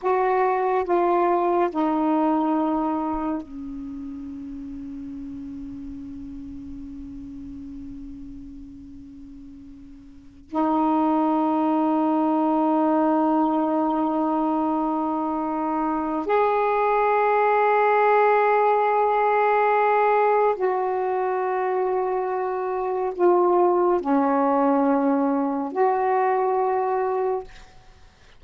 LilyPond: \new Staff \with { instrumentName = "saxophone" } { \time 4/4 \tempo 4 = 70 fis'4 f'4 dis'2 | cis'1~ | cis'1~ | cis'16 dis'2.~ dis'8.~ |
dis'2. gis'4~ | gis'1 | fis'2. f'4 | cis'2 fis'2 | }